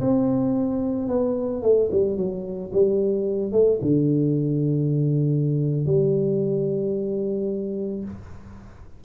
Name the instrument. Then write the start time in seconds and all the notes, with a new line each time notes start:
tuba
0.00 C4
1.08 B3
1.62 A3
1.91 G3
2.16 F#3
2.72 G3
3.52 A3
3.81 D3
5.86 G3